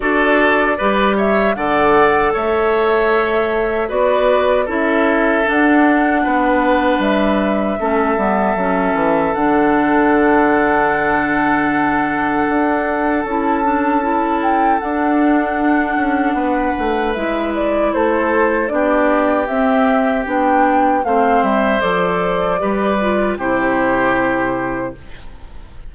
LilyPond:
<<
  \new Staff \with { instrumentName = "flute" } { \time 4/4 \tempo 4 = 77 d''4. e''8 fis''4 e''4~ | e''4 d''4 e''4 fis''4~ | fis''4 e''2. | fis''1~ |
fis''4 a''4. g''8 fis''4~ | fis''2 e''8 d''8 c''4 | d''4 e''4 g''4 f''8 e''8 | d''2 c''2 | }
  \new Staff \with { instrumentName = "oboe" } { \time 4/4 a'4 b'8 cis''8 d''4 cis''4~ | cis''4 b'4 a'2 | b'2 a'2~ | a'1~ |
a'1~ | a'4 b'2 a'4 | g'2. c''4~ | c''4 b'4 g'2 | }
  \new Staff \with { instrumentName = "clarinet" } { \time 4/4 fis'4 g'4 a'2~ | a'4 fis'4 e'4 d'4~ | d'2 cis'8 b8 cis'4 | d'1~ |
d'4 e'8 d'8 e'4 d'4~ | d'2 e'2 | d'4 c'4 d'4 c'4 | a'4 g'8 f'8 e'2 | }
  \new Staff \with { instrumentName = "bassoon" } { \time 4/4 d'4 g4 d4 a4~ | a4 b4 cis'4 d'4 | b4 g4 a8 g8 fis8 e8 | d1 |
d'4 cis'2 d'4~ | d'8 cis'8 b8 a8 gis4 a4 | b4 c'4 b4 a8 g8 | f4 g4 c2 | }
>>